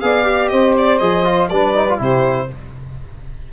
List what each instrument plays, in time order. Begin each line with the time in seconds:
0.00 tuba B3, trombone G#4, saxophone D5, violin F5
0.24 trombone G4
0.48 tuba C4, saxophone C5, violin D#5
0.77 violin D5
0.98 tuba F3, trombone G#4, violin D#5
1.24 trombone F4
1.49 tuba G3, trombone D4, saxophone B4, violin D5
1.75 trombone D#4
1.89 trombone F4
1.98 tuba C3, trombone E4, saxophone G4, violin C5